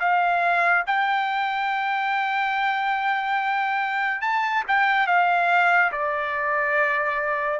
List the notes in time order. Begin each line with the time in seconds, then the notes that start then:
0.00 F5
0.87 G5
4.21 A5
4.68 G5
5.07 F5
5.92 D5